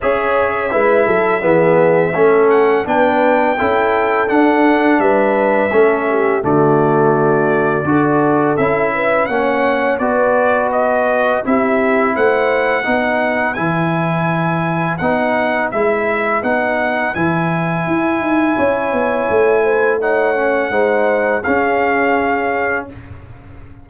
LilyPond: <<
  \new Staff \with { instrumentName = "trumpet" } { \time 4/4 \tempo 4 = 84 e''2.~ e''8 fis''8 | g''2 fis''4 e''4~ | e''4 d''2. | e''4 fis''4 d''4 dis''4 |
e''4 fis''2 gis''4~ | gis''4 fis''4 e''4 fis''4 | gis''1 | fis''2 f''2 | }
  \new Staff \with { instrumentName = "horn" } { \time 4/4 cis''4 b'8 a'8 gis'4 a'4 | b'4 a'2 b'4 | a'8 g'8 fis'2 a'4~ | a'8 b'8 cis''4 b'2 |
g'4 c''4 b'2~ | b'1~ | b'2 cis''4. c''8 | cis''4 c''4 gis'2 | }
  \new Staff \with { instrumentName = "trombone" } { \time 4/4 gis'4 e'4 b4 cis'4 | d'4 e'4 d'2 | cis'4 a2 fis'4 | e'4 cis'4 fis'2 |
e'2 dis'4 e'4~ | e'4 dis'4 e'4 dis'4 | e'1 | dis'8 cis'8 dis'4 cis'2 | }
  \new Staff \with { instrumentName = "tuba" } { \time 4/4 cis'4 gis8 fis8 e4 a4 | b4 cis'4 d'4 g4 | a4 d2 d'4 | cis'4 ais4 b2 |
c'4 a4 b4 e4~ | e4 b4 gis4 b4 | e4 e'8 dis'8 cis'8 b8 a4~ | a4 gis4 cis'2 | }
>>